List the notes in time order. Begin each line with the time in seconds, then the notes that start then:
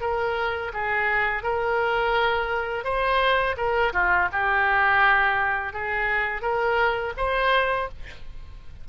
0.00 A#4
0.73 G#4
1.43 A#4
2.84 C5
3.56 A#4
3.93 F4
4.32 G4
5.72 G#4
6.41 A#4
7.17 C5